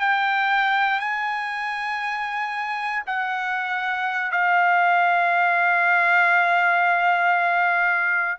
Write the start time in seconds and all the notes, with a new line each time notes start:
0.00 G5
1.00 G#5
3.06 F#5
4.32 F5